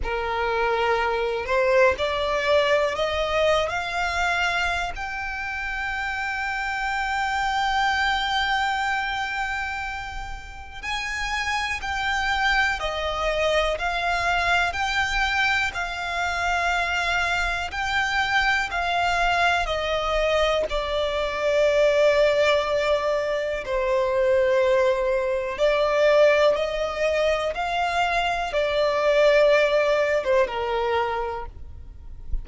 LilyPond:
\new Staff \with { instrumentName = "violin" } { \time 4/4 \tempo 4 = 61 ais'4. c''8 d''4 dis''8. f''16~ | f''4 g''2.~ | g''2. gis''4 | g''4 dis''4 f''4 g''4 |
f''2 g''4 f''4 | dis''4 d''2. | c''2 d''4 dis''4 | f''4 d''4.~ d''16 c''16 ais'4 | }